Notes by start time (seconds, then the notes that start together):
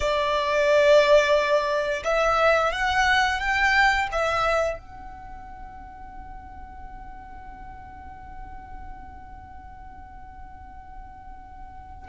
0.00 D5
2.04 E5
2.72 F#5
3.39 G5
4.12 E5
4.79 F#5